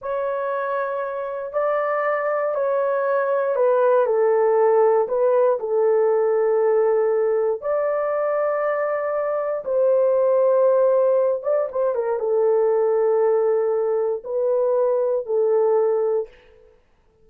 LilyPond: \new Staff \with { instrumentName = "horn" } { \time 4/4 \tempo 4 = 118 cis''2. d''4~ | d''4 cis''2 b'4 | a'2 b'4 a'4~ | a'2. d''4~ |
d''2. c''4~ | c''2~ c''8 d''8 c''8 ais'8 | a'1 | b'2 a'2 | }